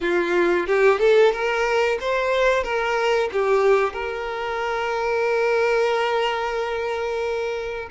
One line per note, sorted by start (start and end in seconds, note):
0.00 0.66 F4
0.67 0.99 G4
0.99 1.32 A4
1.32 1.98 A#4
2.00 2.63 C5
2.63 3.29 A#4
3.32 3.93 G4
3.93 7.89 A#4